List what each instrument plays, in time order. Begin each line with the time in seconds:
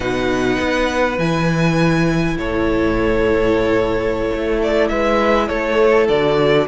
0.00 cello B2, viola D#4, violin B4 F#5
0.59 cello B3
1.17 cello E3, viola E4, violin G#5
2.37 cello A2, violin A4 C#5
4.33 cello A3
4.62 violin D5
4.88 cello G#3, violin B4 E5
5.47 cello A3, violin A4 C#5
6.08 cello D3, viola F#4, violin D5